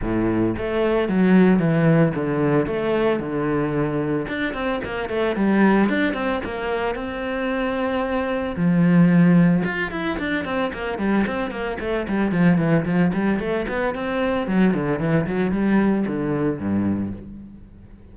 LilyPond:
\new Staff \with { instrumentName = "cello" } { \time 4/4 \tempo 4 = 112 a,4 a4 fis4 e4 | d4 a4 d2 | d'8 c'8 ais8 a8 g4 d'8 c'8 | ais4 c'2. |
f2 f'8 e'8 d'8 c'8 | ais8 g8 c'8 ais8 a8 g8 f8 e8 | f8 g8 a8 b8 c'4 fis8 d8 | e8 fis8 g4 d4 g,4 | }